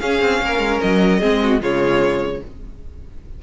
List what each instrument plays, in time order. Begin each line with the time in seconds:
0.00 viola C#4, cello C#4, violin G#4 F5
0.22 cello C4
0.42 cello A#3, violin A#4
0.59 cello G#3
0.81 cello F#3, violin D#5
1.20 cello G#3, viola C4, violin G#4
1.43 violin F#4
1.61 cello C#3, viola G#3, violin F4 C#5